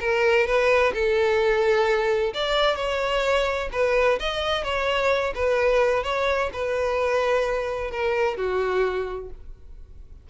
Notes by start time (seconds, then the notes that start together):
0.00 A#4
0.46 B4
0.93 A4
2.33 D5
2.76 C#5
3.72 B4
4.19 D#5
4.63 C#5
5.34 B4
6.03 C#5
6.53 B4
7.90 A#4
8.37 F#4